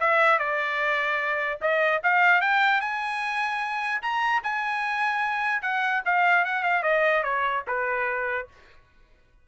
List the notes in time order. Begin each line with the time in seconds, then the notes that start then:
0.00 E5
0.39 D5
1.61 D#5
2.03 F5
2.41 G5
2.81 G#5
4.02 A#5
4.43 G#5
5.62 F#5
6.05 F5
6.45 F#5
6.63 F5
6.83 D#5
7.23 C#5
7.67 B4